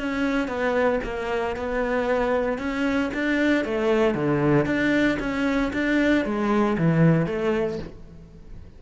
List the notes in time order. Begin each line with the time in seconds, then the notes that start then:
0.00 C#4
0.48 B3
1.04 A#3
1.57 B3
2.59 C#4
3.14 D4
3.65 A3
4.15 D3
4.66 D4
5.20 C#4
5.73 D4
6.25 G#3
6.78 E3
7.27 A3